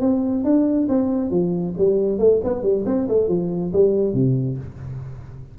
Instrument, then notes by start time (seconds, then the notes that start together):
tuba
0.00 C4
0.44 D4
0.88 C4
1.30 F3
1.77 G3
2.19 A3
2.43 B3
2.62 G3
2.85 C4
3.08 A3
3.28 F3
3.73 G3
4.13 C3